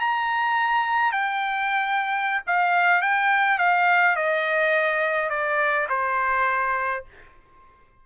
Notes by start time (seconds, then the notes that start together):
0.00 A#5
1.12 G5
2.47 F5
3.02 G5
3.58 F5
4.16 D#5
5.30 D5
5.89 C5